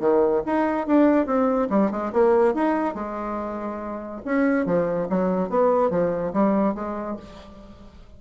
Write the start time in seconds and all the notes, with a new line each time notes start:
0.00 D#3
0.46 D#4
0.87 D4
1.26 C4
1.70 G3
1.91 G#3
2.13 A#3
2.55 D#4
2.95 G#3
4.25 C#4
4.66 F3
5.10 F#3
5.50 B3
5.91 F3
6.33 G3
6.75 G#3